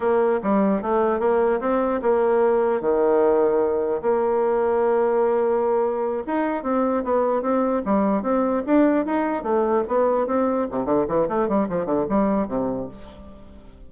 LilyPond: \new Staff \with { instrumentName = "bassoon" } { \time 4/4 \tempo 4 = 149 ais4 g4 a4 ais4 | c'4 ais2 dis4~ | dis2 ais2~ | ais2.~ ais8 dis'8~ |
dis'8 c'4 b4 c'4 g8~ | g8 c'4 d'4 dis'4 a8~ | a8 b4 c'4 c8 d8 e8 | a8 g8 f8 d8 g4 c4 | }